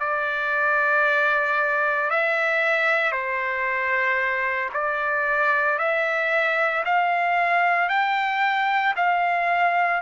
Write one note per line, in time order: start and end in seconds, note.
0.00 2.10 D5
2.10 3.11 E5
3.11 4.69 C5
4.74 5.78 D5
5.78 6.84 E5
6.85 7.89 F5
7.89 8.94 G5
8.96 10.01 F5